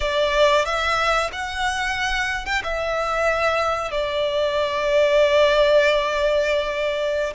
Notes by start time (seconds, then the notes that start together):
0.00 D5
0.65 E5
1.32 F#5
2.45 G5
2.63 E5
3.91 D5